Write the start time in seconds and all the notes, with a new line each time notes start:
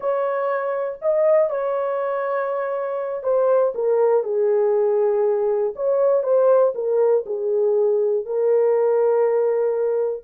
0.00 C#5
1.01 D#5
1.50 C#5
3.23 C5
3.74 A#4
4.23 G#4
5.75 C#5
6.23 C5
6.75 A#4
7.25 G#4
8.25 A#4